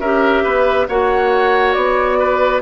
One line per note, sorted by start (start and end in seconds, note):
0.00 0.43 C#4
0.00 0.89 G4
0.00 0.43 A#4
0.00 0.87 E5
0.43 0.87 B3
0.43 0.87 B4
0.88 1.76 A#3
0.88 2.62 F#4
0.88 2.18 C#5
0.88 1.73 F#5
1.73 2.62 B3
1.73 2.60 D5
2.18 2.62 B4